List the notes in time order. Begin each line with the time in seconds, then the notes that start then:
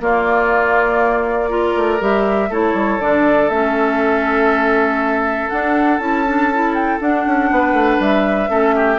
0.00 A#3 F4 D5
1.48 F4 A#4
1.76 A3
1.99 G3 G4 E5
2.49 A3 E4 A4 C#5
2.73 G3
2.99 D3 D4 D5
3.49 A3 C#4 E5
5.49 D4 F#5
5.98 C#4 E4 A5
6.27 D4
6.53 E4
6.74 G5
7.00 D4 F#5
7.26 C#4
7.51 B3 B4
7.73 A3
7.99 G3 E5
8.48 A3 C#4 A4
8.75 G4